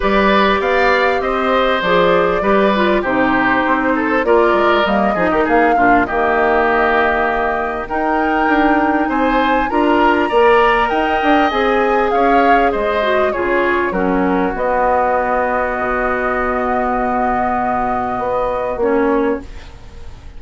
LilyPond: <<
  \new Staff \with { instrumentName = "flute" } { \time 4/4 \tempo 4 = 99 d''4 f''4 dis''4 d''4~ | d''4 c''2 d''4 | dis''4 f''4 dis''2~ | dis''4 g''2 gis''4 |
ais''2 g''4 gis''4 | f''4 dis''4 cis''4 ais'4 | dis''1~ | dis''2. cis''4 | }
  \new Staff \with { instrumentName = "oboe" } { \time 4/4 b'4 d''4 c''2 | b'4 g'4. a'8 ais'4~ | ais'8 gis'16 g'16 gis'8 f'8 g'2~ | g'4 ais'2 c''4 |
ais'4 d''4 dis''2 | cis''4 c''4 gis'4 fis'4~ | fis'1~ | fis'1 | }
  \new Staff \with { instrumentName = "clarinet" } { \time 4/4 g'2. gis'4 | g'8 f'8 dis'2 f'4 | ais8 dis'4 d'8 ais2~ | ais4 dis'2. |
f'4 ais'2 gis'4~ | gis'4. fis'8 f'4 cis'4 | b1~ | b2. cis'4 | }
  \new Staff \with { instrumentName = "bassoon" } { \time 4/4 g4 b4 c'4 f4 | g4 c4 c'4 ais8 gis8 | g8 f16 dis16 ais8 ais,8 dis2~ | dis4 dis'4 d'4 c'4 |
d'4 ais4 dis'8 d'8 c'4 | cis'4 gis4 cis4 fis4 | b2 b,2~ | b,2 b4 ais4 | }
>>